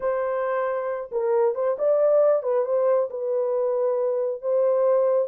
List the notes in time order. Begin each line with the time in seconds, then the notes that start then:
0.00 C5
1.11 A#4
1.54 C5
1.78 D5
2.43 B4
2.65 C5
3.10 B4
4.41 C5